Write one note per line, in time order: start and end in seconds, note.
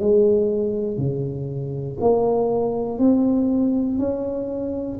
0.00 0.97 G#3
0.97 1.97 C#3
2.01 2.99 A#3
2.99 3.99 C4
3.99 4.99 C#4